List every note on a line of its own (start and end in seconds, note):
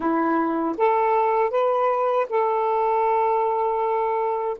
0.00 0.75 E4
0.77 1.50 A4
1.50 2.26 B4
2.29 4.57 A4